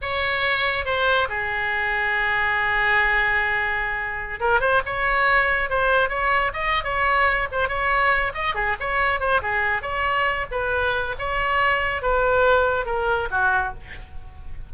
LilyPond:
\new Staff \with { instrumentName = "oboe" } { \time 4/4 \tempo 4 = 140 cis''2 c''4 gis'4~ | gis'1~ | gis'2~ gis'16 ais'8 c''8 cis''8.~ | cis''4~ cis''16 c''4 cis''4 dis''8. |
cis''4. c''8 cis''4. dis''8 | gis'8 cis''4 c''8 gis'4 cis''4~ | cis''8 b'4. cis''2 | b'2 ais'4 fis'4 | }